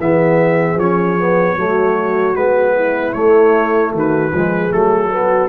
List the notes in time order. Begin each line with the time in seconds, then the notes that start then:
0.00 E3 B3 G#4 E5
0.76 F3 C#4 C#5
1.19 B3
1.57 F#3 A3 F#4
2.36 G#3 B3 B4
2.75 E4
3.13 A3 C#5
3.93 D#3 F#4
3.99 B4
4.33 F3 G#3 G#4
4.70 F#3 A3 A4
5.10 B3 F#4